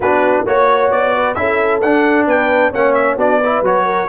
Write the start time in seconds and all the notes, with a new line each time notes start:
0.00 B3 D4 F#4 B4
0.46 A#3 F#4 C#5
0.91 B3 D5
1.15 B4
1.34 C#4 E4 A4 E5
1.81 D4 F#5
2.26 B3 B4 G5
2.70 A#3 C#4 C#5 F#5
2.94 E5
3.16 B3 D4 F#4 D5
3.40 E4 B4
3.61 F#3 F#4 C#5
3.85 A#4